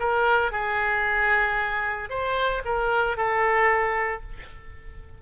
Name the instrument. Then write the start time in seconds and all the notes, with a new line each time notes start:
oboe
0.00 A#4
0.52 G#4
2.10 C5
2.65 A#4
3.17 A4